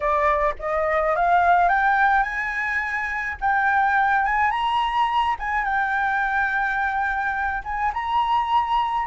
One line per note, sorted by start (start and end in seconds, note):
0.00 0.54 D5
0.59 1.15 D#5
1.15 1.68 F5
1.68 2.23 G5
2.23 3.36 G#5
3.40 4.25 G5
4.25 4.51 G#5
4.51 5.35 A#5
5.39 5.64 G#5
5.64 7.62 G5
7.64 7.92 G#5
7.93 9.06 A#5